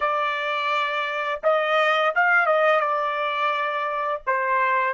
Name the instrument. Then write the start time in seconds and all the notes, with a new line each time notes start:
trumpet
0.00 D5
1.43 D#5
2.15 F5
2.46 D#5
2.79 D5
4.26 C5